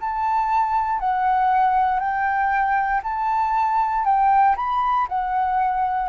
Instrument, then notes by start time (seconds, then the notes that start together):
flute
0.00 A5
0.99 F#5
1.99 G5
3.03 A5
4.04 G5
4.56 B5
5.08 F#5